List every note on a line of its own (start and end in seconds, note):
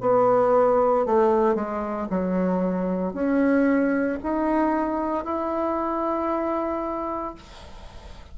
0.00 1.05 B3
1.05 1.55 A3
1.55 2.07 G#3
2.09 3.13 F#3
3.13 4.18 C#4
4.22 5.24 D#4
5.24 7.35 E4